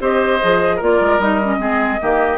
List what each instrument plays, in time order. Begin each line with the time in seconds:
0.00 bassoon C4, clarinet G4, oboe C5, flute D#5
0.41 bassoon F3, clarinet G#4
0.77 bassoon A#3, clarinet F4, oboe A#4
0.83 flute D5
1.01 bassoon G#3
1.19 bassoon G3, clarinet D#4, flute D#5
1.44 clarinet C#4
1.59 bassoon G#3, clarinet C4, oboe G#4
2.01 bassoon D#3, clarinet A#3, oboe G4